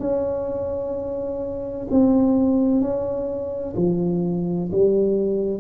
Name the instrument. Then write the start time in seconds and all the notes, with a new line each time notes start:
tuba
0.00 C#4
1.91 C4
2.81 C#4
3.77 F3
4.72 G3